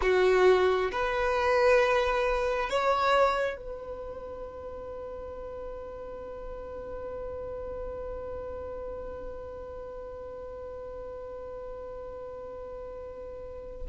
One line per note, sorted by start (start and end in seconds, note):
0.01 0.91 F#4
0.91 2.69 B4
2.69 3.56 C#5
3.56 13.86 B4